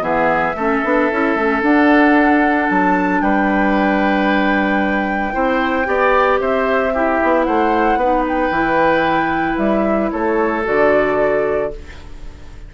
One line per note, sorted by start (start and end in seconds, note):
0.00 0.54 E3
0.00 0.53 B3
0.00 0.56 G#4
0.00 1.62 E5
0.55 0.82 A3
0.55 0.84 C#4
0.55 3.22 A4
0.84 1.11 B3
0.84 1.11 D4
1.11 1.35 C#4
1.11 1.37 E4
1.35 1.62 A3
1.35 1.62 C#4
1.62 5.32 D4
1.62 2.69 D4
1.62 2.69 F#5
2.69 3.21 F#3
2.69 3.21 A5
3.21 5.34 G3
3.21 5.34 B4
3.21 6.39 G5
5.32 5.87 C4
5.32 5.85 E4
5.32 5.87 C5
5.85 6.40 B3
5.85 6.91 G4
5.85 6.40 D5
6.40 7.20 C4
6.40 6.93 C5
6.40 7.43 E5
6.93 8.01 E4
6.93 7.46 G4
7.23 7.47 B3
7.43 7.96 A3
7.43 7.99 C5
7.43 8.23 F#5
7.96 8.49 B3
7.96 8.53 D#4
7.96 10.11 B4
8.28 9.57 G5
8.50 9.57 E3
8.50 10.64 E4
9.57 10.11 G3
9.57 10.10 E5
10.11 10.66 A3
10.11 11.72 A4
10.11 10.64 C#5
10.64 11.74 D3
10.64 11.71 F#4
10.64 11.73 D5